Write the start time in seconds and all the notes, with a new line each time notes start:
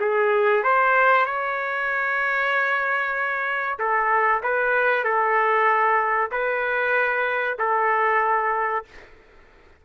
0.00 G#4
0.63 C5
1.26 C#5
3.79 A4
4.43 B4
5.04 A4
6.31 B4
7.58 A4